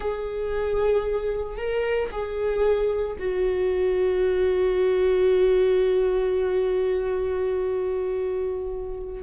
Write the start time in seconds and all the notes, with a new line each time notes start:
0.00 G#4
1.57 A#4
2.11 G#4
3.18 F#4